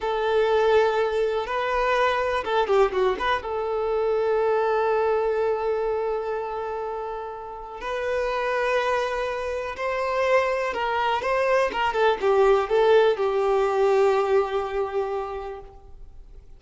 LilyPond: \new Staff \with { instrumentName = "violin" } { \time 4/4 \tempo 4 = 123 a'2. b'4~ | b'4 a'8 g'8 fis'8 b'8 a'4~ | a'1~ | a'1 |
b'1 | c''2 ais'4 c''4 | ais'8 a'8 g'4 a'4 g'4~ | g'1 | }